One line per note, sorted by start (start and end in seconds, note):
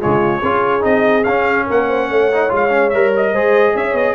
0.00 0.42 C#3
0.00 0.42 G#3
0.00 0.41 F4
0.00 0.84 C#5
0.41 0.84 C#4
0.41 0.81 F4
0.41 1.66 G#4
0.81 1.25 C4
0.81 1.22 D#4
0.81 1.24 D#5
1.24 1.67 C#4
1.24 2.32 C#4
1.24 1.66 F5
1.66 2.10 A#3
1.66 1.87 A#4
1.66 2.54 F#5
1.88 2.09 C5
2.10 2.52 A3
2.10 3.33 C#5
2.33 2.49 D#4
2.49 2.93 G#3
2.49 2.70 F4
2.55 2.90 F5
2.70 2.90 C#4
2.90 3.33 G3
2.90 3.35 A#4
2.90 3.11 E5
3.16 3.77 D#5
3.33 3.74 G#3
3.33 4.15 G#4
3.33 3.74 C5
3.75 3.93 C#4
3.75 4.15 C#5
3.75 3.97 E5
3.93 4.14 B3
3.93 4.15 D#5